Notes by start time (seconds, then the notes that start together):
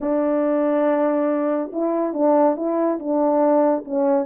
0.01 D4
1.72 E4
2.13 D4
2.56 E4
2.99 D4
3.85 C#4